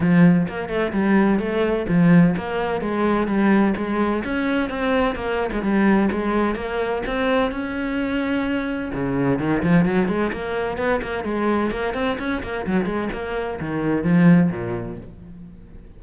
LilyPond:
\new Staff \with { instrumentName = "cello" } { \time 4/4 \tempo 4 = 128 f4 ais8 a8 g4 a4 | f4 ais4 gis4 g4 | gis4 cis'4 c'4 ais8. gis16 | g4 gis4 ais4 c'4 |
cis'2. cis4 | dis8 f8 fis8 gis8 ais4 b8 ais8 | gis4 ais8 c'8 cis'8 ais8 fis8 gis8 | ais4 dis4 f4 ais,4 | }